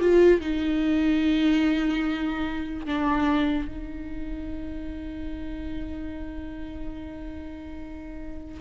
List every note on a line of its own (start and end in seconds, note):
0.00 0.41 F4
0.41 2.86 D#4
2.86 3.68 D4
3.68 8.60 D#4